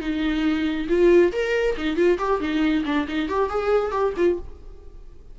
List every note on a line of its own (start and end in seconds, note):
0.00 0.87 D#4
0.88 1.32 F4
1.32 1.75 A#4
1.77 1.96 D#4
1.96 2.18 F4
2.18 2.40 G4
2.40 2.84 D#4
2.85 3.07 D4
3.08 3.28 D#4
3.28 3.49 G4
3.49 3.92 G#4
3.92 4.13 G4
4.17 4.38 F4